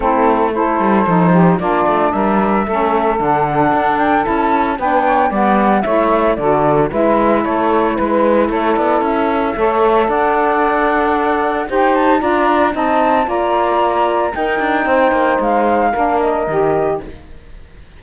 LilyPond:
<<
  \new Staff \with { instrumentName = "flute" } { \time 4/4 \tempo 4 = 113 a'4 c''2 d''4 | e''2 fis''4. g''8 | a''4 g''4 fis''4 e''4 | d''4 e''4 cis''4 b'4 |
cis''8 d''8 e''2 fis''4~ | fis''2 g''8 a''8 ais''4 | a''4 ais''2 g''4~ | g''4 f''4. dis''4. | }
  \new Staff \with { instrumentName = "saxophone" } { \time 4/4 e'4 a'4. g'8 f'4 | ais'4 a'2.~ | a'4 b'8 cis''8 d''4 cis''4 | a'4 b'4 a'4 b'4 |
a'2 cis''4 d''4~ | d''2 c''4 d''4 | dis''4 d''2 ais'4 | c''2 ais'2 | }
  \new Staff \with { instrumentName = "saxophone" } { \time 4/4 c'4 e'4 dis'4 d'4~ | d'4 cis'4 d'2 | e'4 d'4 b4 e'4 | fis'4 e'2.~ |
e'2 a'2~ | a'2 g'4 f'4 | dis'4 f'2 dis'4~ | dis'2 d'4 g'4 | }
  \new Staff \with { instrumentName = "cello" } { \time 4/4 a4. g8 f4 ais8 a8 | g4 a4 d4 d'4 | cis'4 b4 g4 a4 | d4 gis4 a4 gis4 |
a8 b8 cis'4 a4 d'4~ | d'2 dis'4 d'4 | c'4 ais2 dis'8 d'8 | c'8 ais8 gis4 ais4 dis4 | }
>>